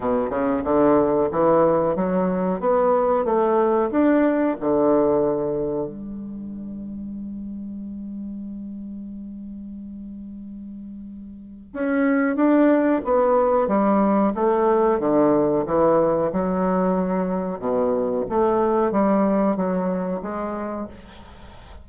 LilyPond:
\new Staff \with { instrumentName = "bassoon" } { \time 4/4 \tempo 4 = 92 b,8 cis8 d4 e4 fis4 | b4 a4 d'4 d4~ | d4 g2.~ | g1~ |
g2 cis'4 d'4 | b4 g4 a4 d4 | e4 fis2 b,4 | a4 g4 fis4 gis4 | }